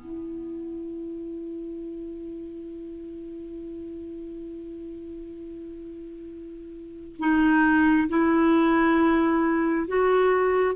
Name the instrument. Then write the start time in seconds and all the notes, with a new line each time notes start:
clarinet
0.00 E4
7.19 D#4
8.09 E4
9.88 F#4